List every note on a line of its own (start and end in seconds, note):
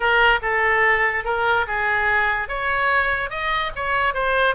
0.00 0.39 A#4
0.42 1.24 A4
1.24 1.66 A#4
1.67 2.48 G#4
2.48 3.30 C#5
3.30 3.71 D#5
3.75 4.14 C#5
4.14 4.55 C5